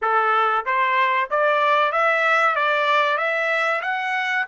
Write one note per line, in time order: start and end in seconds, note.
0.01 0.65 A4
0.65 1.29 C5
1.30 1.91 D5
1.91 2.55 E5
2.55 3.17 D5
3.17 3.81 E5
3.82 4.45 F#5